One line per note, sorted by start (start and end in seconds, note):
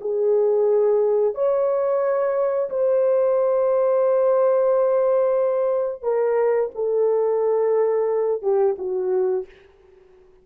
0.00 1.34 G#4
1.34 2.69 C#5
2.70 6.02 C5
6.02 6.70 A#4
6.74 8.42 A4
8.42 8.75 G4
8.78 9.45 F#4